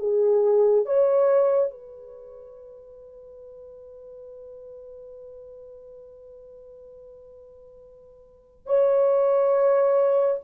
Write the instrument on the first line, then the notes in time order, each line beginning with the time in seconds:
horn
0.00 G#4
0.86 C#5
1.71 B4
8.67 C#5